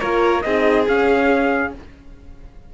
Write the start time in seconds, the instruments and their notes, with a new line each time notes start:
0.00 cello A#3, horn F4, violin A#4, trumpet C#5
0.42 cello C4, horn D#4, violin G#4, trumpet D#5
0.88 horn C#4, cello C#4, trumpet F5